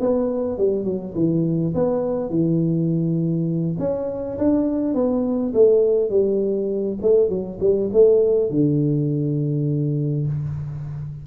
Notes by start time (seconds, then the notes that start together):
0.00 B3
0.58 G3
0.84 F#3
1.15 E3
1.75 B3
2.30 E3
3.79 C#4
4.38 D4
4.94 B3
5.54 A3
6.10 G3
7.02 A3
7.29 F#3
7.60 G3
7.93 A3
8.50 D3